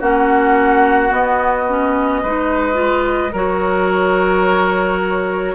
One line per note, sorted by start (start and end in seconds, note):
0.00 1.12 A#3
0.00 1.09 C#4
0.00 2.22 F#4
0.00 1.13 F#5
1.09 1.65 B3
1.09 2.23 B3
1.09 3.35 D#5
1.69 2.24 C#4
2.22 3.34 G#3
2.22 2.74 D#4
2.22 3.33 B4
2.74 3.29 F4
3.33 5.55 F#3
3.33 5.55 F#4
3.33 5.55 A#4
3.33 5.55 C#5